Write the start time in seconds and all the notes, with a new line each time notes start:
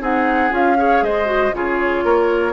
0.00 C4 D#4 G#4 F#5
0.50 C#4 F4 F5
0.77 G#4 C#5
1.02 G#3 C5 D#5
1.25 F#4
1.53 C#3 F4 G#4 C#5
2.04 A#3 A#4